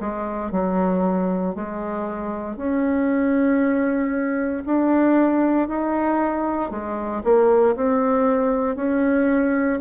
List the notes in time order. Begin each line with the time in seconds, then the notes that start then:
0.00 G#3
0.52 F#3
1.55 G#3
2.57 C#4
4.66 D4
5.68 D#4
6.71 G#3
7.24 A#3
7.76 C4
8.76 C#4